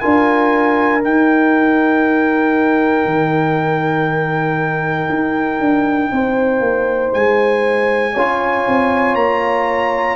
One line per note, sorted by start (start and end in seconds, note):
0.00 1.04 D4
0.00 1.01 F4
0.00 6.12 A#4
0.00 1.02 G#5
1.01 8.13 D#4
1.01 3.05 D#4
1.01 7.14 G5
3.05 5.09 D#3
5.09 5.60 D#4
5.60 6.11 D4
6.12 6.61 C4
6.12 8.14 C5
6.61 7.11 A#3
7.14 8.16 G#3
7.14 9.15 G#5
8.14 8.67 C#4
8.14 10.16 F4
8.14 10.16 C#5
8.67 9.15 C4
9.15 10.16 A#3
9.15 10.16 A#5